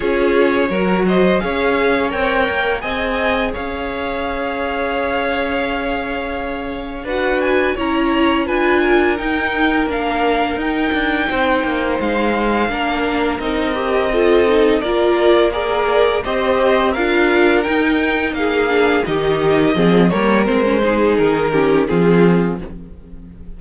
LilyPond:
<<
  \new Staff \with { instrumentName = "violin" } { \time 4/4 \tempo 4 = 85 cis''4. dis''8 f''4 g''4 | gis''4 f''2.~ | f''2 fis''8 gis''8 ais''4 | gis''4 g''4 f''4 g''4~ |
g''4 f''2 dis''4~ | dis''4 d''4 ais'4 dis''4 | f''4 g''4 f''4 dis''4~ | dis''8 cis''8 c''4 ais'4 gis'4 | }
  \new Staff \with { instrumentName = "violin" } { \time 4/4 gis'4 ais'8 c''8 cis''2 | dis''4 cis''2.~ | cis''2 b'4 cis''4 | b'8 ais'2.~ ais'8 |
c''2 ais'2 | a'4 ais'4 d''4 c''4 | ais'2 gis'4 g'4 | gis'8 ais'4 gis'4 g'8 f'4 | }
  \new Staff \with { instrumentName = "viola" } { \time 4/4 f'4 fis'4 gis'4 ais'4 | gis'1~ | gis'2 fis'4 e'4 | f'4 dis'4 d'4 dis'4~ |
dis'2 d'4 dis'8 g'8 | f'8 dis'8 f'4 gis'4 g'4 | f'4 dis'4. d'8 dis'4 | c'8 ais8 c'16 cis'16 dis'4 cis'8 c'4 | }
  \new Staff \with { instrumentName = "cello" } { \time 4/4 cis'4 fis4 cis'4 c'8 ais8 | c'4 cis'2.~ | cis'2 d'4 cis'4 | d'4 dis'4 ais4 dis'8 d'8 |
c'8 ais8 gis4 ais4 c'4~ | c'4 ais2 c'4 | d'4 dis'4 ais4 dis4 | f8 g8 gis4 dis4 f4 | }
>>